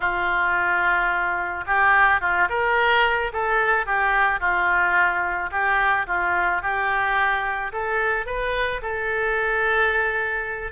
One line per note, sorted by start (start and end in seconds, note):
0.00 1.64 F4
1.66 2.20 G4
2.20 2.48 F4
2.49 3.32 A#4
3.32 3.86 A4
3.86 4.40 G4
4.40 5.50 F4
5.51 6.06 G4
6.07 6.62 F4
6.62 7.72 G4
7.72 8.26 A4
8.26 8.81 B4
8.82 10.72 A4